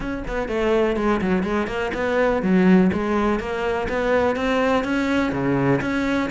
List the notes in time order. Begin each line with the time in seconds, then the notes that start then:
0.00 C#4
0.27 B3
0.48 A3
0.96 G#3
1.21 F#3
1.43 G#3
1.67 A#3
1.94 B3
2.42 F#3
2.93 G#3
3.39 A#3
3.88 B3
4.35 C4
4.84 C#4
5.32 C#3
5.81 C#4